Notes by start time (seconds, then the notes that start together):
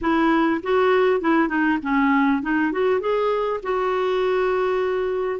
0.01 E4
0.62 F#4
1.21 E4
1.48 D#4
1.82 C#4
2.42 D#4
2.71 F#4
3.00 G#4
3.62 F#4